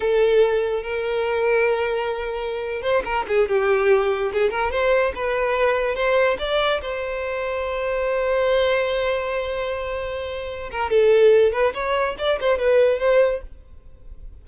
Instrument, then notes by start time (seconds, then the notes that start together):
violin
0.00 A4
0.82 A#4
2.82 C5
3.04 A#4
3.28 G#4
3.48 G4
4.32 G#4
4.50 A#4
4.71 C5
5.15 B4
5.95 C5
6.38 D5
6.81 C5
10.71 A#4
10.90 A4
11.52 B4
11.73 C#5
12.18 D5
12.40 C5
12.58 B4
12.99 C5